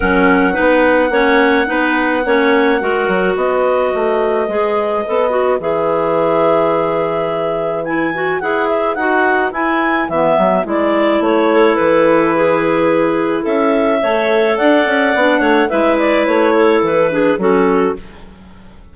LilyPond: <<
  \new Staff \with { instrumentName = "clarinet" } { \time 4/4 \tempo 4 = 107 fis''1~ | fis''2 dis''2~ | dis''2 e''2~ | e''2 gis''4 fis''8 e''8 |
fis''4 gis''4 e''4 d''4 | cis''4 b'2. | e''2 fis''2 | e''8 d''8 cis''4 b'4 a'4 | }
  \new Staff \with { instrumentName = "clarinet" } { \time 4/4 ais'4 b'4 cis''4 b'4 | cis''4 ais'4 b'2~ | b'1~ | b'1~ |
b'1~ | b'8 a'4. gis'2 | a'4 cis''4 d''4. cis''8 | b'4. a'4 gis'8 fis'4 | }
  \new Staff \with { instrumentName = "clarinet" } { \time 4/4 cis'4 dis'4 cis'4 dis'4 | cis'4 fis'2. | gis'4 a'8 fis'8 gis'2~ | gis'2 e'8 fis'8 gis'4 |
fis'4 e'4 b4 e'4~ | e'1~ | e'4 a'2 d'4 | e'2~ e'8 d'8 cis'4 | }
  \new Staff \with { instrumentName = "bassoon" } { \time 4/4 fis4 b4 ais4 b4 | ais4 gis8 fis8 b4 a4 | gis4 b4 e2~ | e2. e'4 |
dis'4 e'4 e8 fis8 gis4 | a4 e2. | cis'4 a4 d'8 cis'8 b8 a8 | gis4 a4 e4 fis4 | }
>>